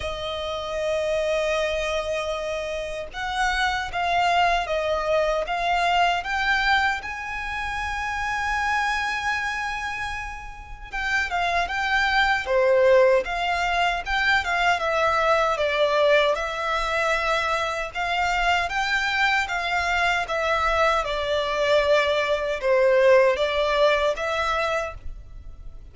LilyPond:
\new Staff \with { instrumentName = "violin" } { \time 4/4 \tempo 4 = 77 dis''1 | fis''4 f''4 dis''4 f''4 | g''4 gis''2.~ | gis''2 g''8 f''8 g''4 |
c''4 f''4 g''8 f''8 e''4 | d''4 e''2 f''4 | g''4 f''4 e''4 d''4~ | d''4 c''4 d''4 e''4 | }